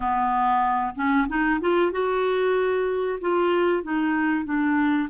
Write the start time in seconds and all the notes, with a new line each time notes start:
0.00 B3
0.95 C#4
1.28 D#4
1.60 F4
1.91 F#4
3.20 F4
3.83 D#4
4.44 D4